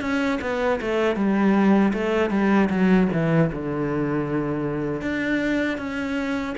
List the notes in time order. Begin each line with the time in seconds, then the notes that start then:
0.00 C#4
0.41 B3
0.81 A3
1.15 G3
1.93 A3
2.30 G3
2.69 F#3
3.12 E3
3.52 D3
5.01 D4
5.77 C#4